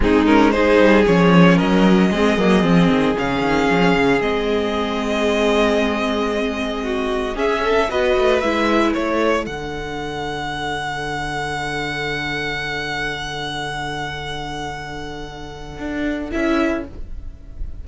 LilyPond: <<
  \new Staff \with { instrumentName = "violin" } { \time 4/4 \tempo 4 = 114 gis'8 ais'8 c''4 cis''4 dis''4~ | dis''2 f''2 | dis''1~ | dis''2 e''4 dis''4 |
e''4 cis''4 fis''2~ | fis''1~ | fis''1~ | fis''2. e''4 | }
  \new Staff \with { instrumentName = "violin" } { \time 4/4 dis'4 gis'2 ais'4 | gis'1~ | gis'1~ | gis'4 fis'4 gis'8 a'8 b'4~ |
b'4 a'2.~ | a'1~ | a'1~ | a'1 | }
  \new Staff \with { instrumentName = "viola" } { \time 4/4 c'8 cis'8 dis'4 cis'2 | c'8 ais8 c'4 cis'2 | c'1~ | c'2 cis'4 fis'4 |
e'2 d'2~ | d'1~ | d'1~ | d'2. e'4 | }
  \new Staff \with { instrumentName = "cello" } { \time 4/4 gis4. g8 f4 fis4 | gis8 fis8 f8 dis8 cis8 dis8 f8 cis8 | gis1~ | gis2 cis'4 b8 a8 |
gis4 a4 d2~ | d1~ | d1~ | d2 d'4 cis'4 | }
>>